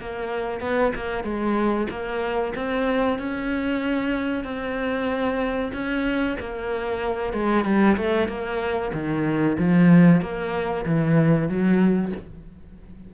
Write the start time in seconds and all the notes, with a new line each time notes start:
0.00 A#3
0.60 B3
0.95 A#3
1.23 G#3
1.90 A#3
2.55 C4
3.18 C#4
4.44 C4
5.73 C#4
6.39 A#3
7.33 G#3
7.65 G3
7.97 A3
8.28 A#3
8.93 D#3
9.58 F3
10.21 A#3
10.85 E3
11.48 F#3